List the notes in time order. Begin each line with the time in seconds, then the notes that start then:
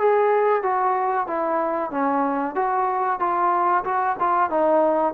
0.00 G#4
0.63 F#4
1.28 E4
1.91 C#4
2.56 F#4
3.20 F4
3.85 F#4
4.20 F4
4.50 D#4